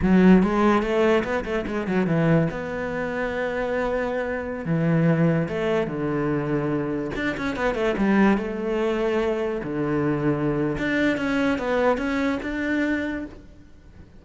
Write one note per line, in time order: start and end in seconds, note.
0.02 0.43 F#3
0.43 0.82 G#3
0.82 1.23 A3
1.23 1.44 B3
1.44 1.65 A3
1.67 1.87 G#3
1.87 2.06 F#3
2.06 2.48 E3
2.51 4.65 B3
4.65 5.47 E3
5.48 5.87 A3
5.87 7.11 D3
7.15 7.36 D4
7.37 7.56 C#4
7.56 7.74 B3
7.74 7.95 A3
7.97 8.37 G3
8.37 9.61 A3
9.63 10.77 D3
10.78 11.17 D4
11.17 11.58 C#4
11.58 11.97 B3
11.97 12.39 C#4
12.42 13.25 D4